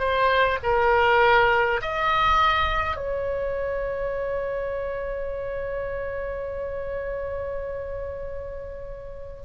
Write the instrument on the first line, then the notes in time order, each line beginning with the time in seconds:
oboe
0.00 C5
0.63 A#4
1.82 D#5
2.97 C#5